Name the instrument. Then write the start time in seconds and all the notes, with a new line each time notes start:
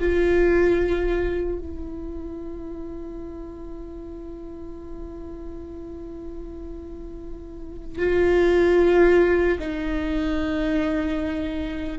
viola
0.00 F4
1.59 E4
7.99 F4
9.60 D#4